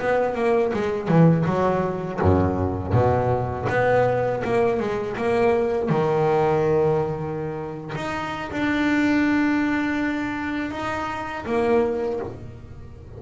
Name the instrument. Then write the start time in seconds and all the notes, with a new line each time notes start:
double bass
0.00 B3
0.35 A#3
0.73 G#3
1.08 E3
1.46 F#3
2.21 F#2
2.93 B2
3.69 B3
4.44 A#3
4.80 G#3
5.17 A#3
5.90 D#3
7.96 D#4
8.52 D4
10.71 D#4
11.46 A#3